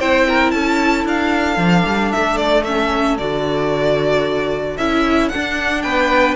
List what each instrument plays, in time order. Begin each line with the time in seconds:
0.00 cello C4, viola E4, violin C5 G5
0.28 violin A#4
0.51 cello C#4, violin A4 A5
1.05 cello D4, violin F5
1.57 cello F3, viola D4
1.86 cello G3
2.12 cello A3, violin E5
2.37 violin D5
2.64 viola C#4, violin E5
3.18 cello D3, viola F#4, violin D5
4.78 cello C#4, viola E4, violin E5
5.29 viola D4, violin F#5
5.36 cello D4
5.82 cello B3, violin B4 G5